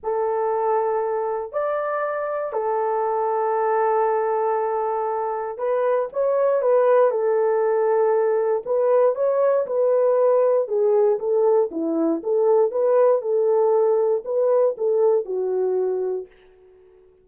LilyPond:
\new Staff \with { instrumentName = "horn" } { \time 4/4 \tempo 4 = 118 a'2. d''4~ | d''4 a'2.~ | a'2. b'4 | cis''4 b'4 a'2~ |
a'4 b'4 cis''4 b'4~ | b'4 gis'4 a'4 e'4 | a'4 b'4 a'2 | b'4 a'4 fis'2 | }